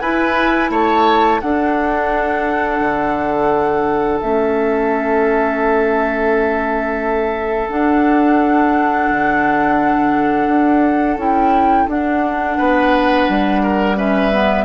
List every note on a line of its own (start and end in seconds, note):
0.00 0.70 E4
0.00 1.41 E4
0.00 0.71 B4
0.00 0.70 G#5
0.70 1.40 A3
0.70 1.41 C#5
0.70 1.41 A5
1.41 4.22 D4
1.41 2.80 D4
1.41 12.57 A4
1.41 4.20 F#5
2.80 4.20 D3
4.21 7.70 A3
4.21 7.70 C#4
4.21 7.69 E5
7.69 11.18 D4
7.69 9.10 D4
7.69 11.18 F#5
9.10 10.47 D3
10.47 11.16 D4
11.16 11.86 C#4
11.16 11.88 E4
11.16 11.89 G5
11.88 12.58 D4
11.88 13.96 D4
11.88 13.98 F#5
12.57 13.29 B3
12.57 13.62 B4
13.29 14.65 G3
13.63 13.97 A#4
13.96 14.31 C#4
13.96 14.65 B4
13.96 14.65 E5
14.32 14.65 B3